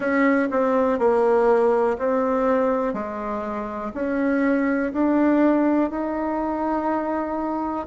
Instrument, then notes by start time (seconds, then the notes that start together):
bassoon
0.00 C#4
0.51 C4
0.98 A#3
1.98 C4
2.93 G#3
3.93 C#4
4.92 D4
5.90 D#4